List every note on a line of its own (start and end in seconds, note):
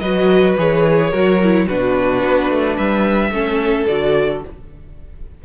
0.00 0.57 F#3
0.00 0.58 F#4
0.00 1.11 B4
0.00 0.55 D#5
0.58 1.13 E3
0.58 1.13 G#4
0.58 1.68 C#5
1.11 1.68 F#3
1.11 1.41 F#4
1.11 1.66 A#4
1.43 1.69 E4
1.68 2.24 B2
1.68 3.33 D4
1.68 2.76 F#4
1.68 2.77 B4
2.24 2.50 B3
2.50 2.78 A3
2.76 3.31 G3
2.76 3.32 B4
2.76 3.87 E5
3.31 3.86 A3
3.31 3.88 C#4
3.31 4.45 A4
3.87 4.44 D3
3.87 4.44 F#4
3.87 4.43 D5